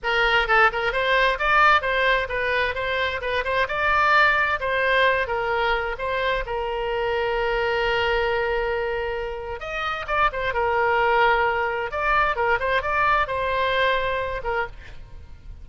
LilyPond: \new Staff \with { instrumentName = "oboe" } { \time 4/4 \tempo 4 = 131 ais'4 a'8 ais'8 c''4 d''4 | c''4 b'4 c''4 b'8 c''8 | d''2 c''4. ais'8~ | ais'4 c''4 ais'2~ |
ais'1~ | ais'4 dis''4 d''8 c''8 ais'4~ | ais'2 d''4 ais'8 c''8 | d''4 c''2~ c''8 ais'8 | }